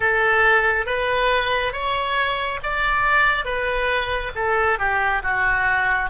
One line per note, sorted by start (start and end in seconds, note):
0.00 0.85 A4
0.85 1.72 B4
1.72 2.59 C#5
2.63 3.44 D5
3.44 4.31 B4
4.35 4.78 A4
4.78 5.22 G4
5.23 6.09 F#4